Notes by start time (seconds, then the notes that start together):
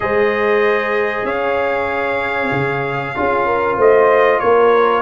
0.00 G#3 G#4 C5 D#5
1.24 C#4 C#5 F5
2.51 C#3
3.15 C#4 F4 G#4
3.46 A#4
3.76 A3 C5 D#5
4.39 A#3 A#4 C#5